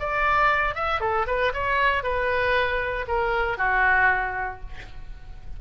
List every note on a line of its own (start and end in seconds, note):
0.00 0.75 D5
0.75 1.01 E5
1.01 1.27 A4
1.27 1.53 B4
1.54 2.03 C#5
2.03 3.06 B4
3.08 3.58 A#4
3.58 4.61 F#4